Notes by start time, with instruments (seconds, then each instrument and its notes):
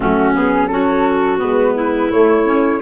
0.00 tuba F#3, saxophone A3, clarinet C#4, flute F#4
0.34 saxophone B3, flute G#4
0.67 saxophone C#4, clarinet F#4, flute A4
1.38 tuba G#3, saxophone B3, flute B4
1.74 clarinet E4
2.10 tuba A3, saxophone A3, flute C#5
2.46 saxophone C#4